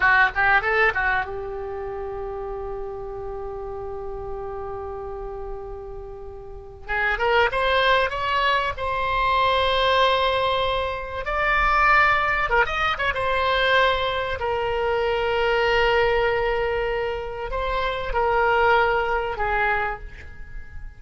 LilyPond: \new Staff \with { instrumentName = "oboe" } { \time 4/4 \tempo 4 = 96 fis'8 g'8 a'8 fis'8 g'2~ | g'1~ | g'2. gis'8 ais'8 | c''4 cis''4 c''2~ |
c''2 d''2 | ais'16 dis''8 cis''16 c''2 ais'4~ | ais'1 | c''4 ais'2 gis'4 | }